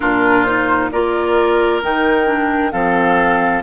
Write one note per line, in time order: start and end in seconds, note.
0.00 0.92 A#2
0.00 0.45 D4
0.00 0.90 F4
0.00 0.44 A#4
0.44 0.91 D#4
0.44 0.89 C5
0.91 1.83 A#3
0.91 1.82 F4
0.91 2.72 A#4
0.91 1.82 D5
1.82 2.72 D#3
1.82 2.26 D#4
1.82 2.71 G5
2.26 2.71 D4
2.71 3.62 F3
2.71 3.62 C4
2.71 3.62 A4
2.71 3.62 F5